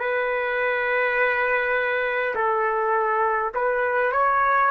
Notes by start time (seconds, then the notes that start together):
0.00 B4
2.36 A4
3.55 B4
4.12 C#5